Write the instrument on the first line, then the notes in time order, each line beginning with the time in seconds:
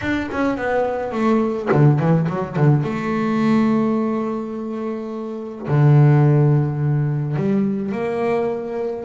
double bass
0.01 D4
0.31 C#4
0.57 B3
1.12 A3
1.72 D3
1.99 E3
2.28 F#3
2.56 D3
2.83 A3
5.67 D3
7.36 G3
7.92 A#3